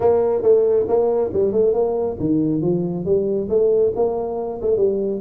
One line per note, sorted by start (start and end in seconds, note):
0.00 0.42 A#3
0.42 0.85 A3
0.87 1.31 A#3
1.33 1.52 G3
1.52 1.73 A3
1.73 2.16 A#3
2.19 2.61 D#3
2.61 3.05 F3
3.05 3.48 G3
3.49 3.92 A3
3.95 4.60 A#3
4.61 4.76 A3
4.76 5.20 G3